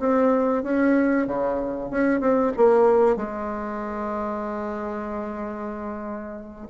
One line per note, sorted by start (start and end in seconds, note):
0.00 0.64 C4
0.64 1.27 C#4
1.27 1.91 C#3
1.91 2.21 C#4
2.21 2.53 C4
2.57 3.17 A#3
3.17 6.68 G#3